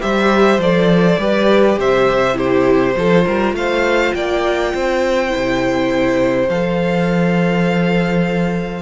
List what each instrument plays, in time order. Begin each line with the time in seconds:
0.00 cello G3, viola G4, violin C5 E5
0.58 cello F3, viola A4, violin D5
1.18 cello G3, viola G4, violin B4
1.78 cello C3, violin C5 E5
2.33 viola E4, violin G4 C5
2.96 cello F3, viola F4, violin A4
3.25 cello G3, violin A#4
3.52 cello A3, violin C5 F5
4.14 cello A#3, violin D5 G5
4.74 cello C4, violin C5
5.28 viola E4
5.34 cello C3
6.48 cello F3, viola A4, violin F5